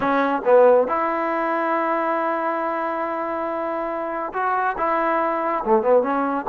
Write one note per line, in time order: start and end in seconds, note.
0.00 0.42 C#4
0.44 0.87 B3
0.87 4.32 E4
4.33 4.76 F#4
4.77 5.64 E4
5.64 5.82 A3
5.82 6.02 B3
6.02 6.45 C#4